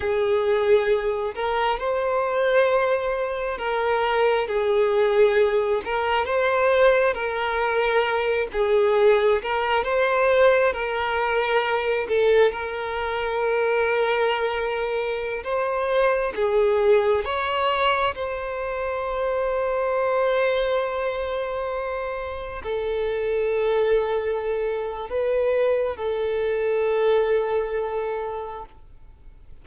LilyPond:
\new Staff \with { instrumentName = "violin" } { \time 4/4 \tempo 4 = 67 gis'4. ais'8 c''2 | ais'4 gis'4. ais'8 c''4 | ais'4. gis'4 ais'8 c''4 | ais'4. a'8 ais'2~ |
ais'4~ ais'16 c''4 gis'4 cis''8.~ | cis''16 c''2.~ c''8.~ | c''4~ c''16 a'2~ a'8. | b'4 a'2. | }